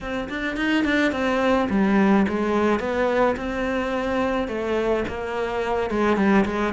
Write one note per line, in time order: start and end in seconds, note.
0.00 0.28 C4
0.29 0.56 D4
0.56 0.84 D#4
0.84 1.11 D4
1.11 1.67 C4
1.69 2.26 G3
2.28 2.79 G#3
2.79 3.35 B3
3.36 4.47 C4
4.47 5.03 A3
5.07 5.90 A#3
5.90 6.17 G#3
6.17 6.45 G3
6.45 6.73 G#3